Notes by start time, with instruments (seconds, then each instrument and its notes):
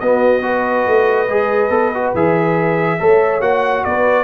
0.00 tuba B3, trombone B3, horn F#4, trumpet D#5
0.42 trombone F#4, horn B4
0.88 tuba A3
1.29 tuba G#3, trombone G#4
1.70 tuba B3, trombone A4
1.95 trombone F#4
2.14 tuba E3, trombone G#4, trumpet E5
2.99 tuba A3, trombone A4, horn C#5
3.41 tuba A#3, trombone F#4, trumpet F#5
3.84 tuba B3, horn B4, trumpet D5